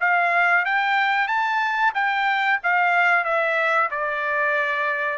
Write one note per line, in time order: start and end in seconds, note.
0.00 0.65 F5
0.65 1.27 G5
1.27 1.93 A5
1.94 2.59 G5
2.63 3.24 F5
3.24 3.90 E5
3.90 5.18 D5